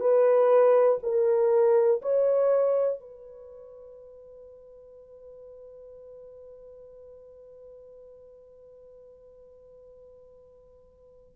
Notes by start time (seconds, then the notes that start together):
0.00 B4
1.03 A#4
2.02 C#5
3.00 B4